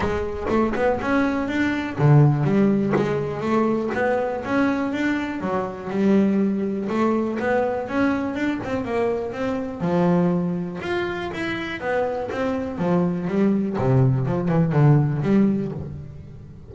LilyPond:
\new Staff \with { instrumentName = "double bass" } { \time 4/4 \tempo 4 = 122 gis4 a8 b8 cis'4 d'4 | d4 g4 gis4 a4 | b4 cis'4 d'4 fis4 | g2 a4 b4 |
cis'4 d'8 c'8 ais4 c'4 | f2 f'4 e'4 | b4 c'4 f4 g4 | c4 f8 e8 d4 g4 | }